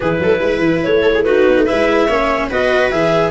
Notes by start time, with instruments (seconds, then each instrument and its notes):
0.00 tuba E3, cello E4, viola G#4, clarinet B4
0.19 tuba F#3, viola A4
0.40 tuba G#3, viola B4
0.58 tuba E3
0.83 tuba A3, clarinet C#5
1.01 viola A4
1.14 viola G#4
1.23 cello D#4, viola F#4, clarinet B4
1.47 tuba B3
1.57 tuba A3
1.65 tuba G#3, cello E4, viola B4, clarinet E5
2.07 tuba A#3, cello C#4, viola C#5
2.49 tuba B3, cello F#4, viola B4, clarinet D#5
2.90 tuba E3, cello G#4, clarinet E5